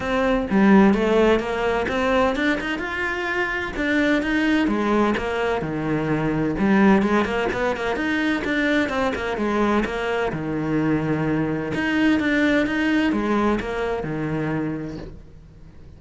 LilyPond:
\new Staff \with { instrumentName = "cello" } { \time 4/4 \tempo 4 = 128 c'4 g4 a4 ais4 | c'4 d'8 dis'8 f'2 | d'4 dis'4 gis4 ais4 | dis2 g4 gis8 ais8 |
b8 ais8 dis'4 d'4 c'8 ais8 | gis4 ais4 dis2~ | dis4 dis'4 d'4 dis'4 | gis4 ais4 dis2 | }